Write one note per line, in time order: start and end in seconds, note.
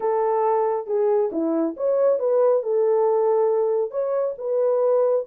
0.00 0.86 A4
0.86 1.30 G#4
1.31 1.75 E4
1.76 2.19 C#5
2.19 2.63 B4
2.63 3.90 A4
3.90 4.34 C#5
4.38 5.25 B4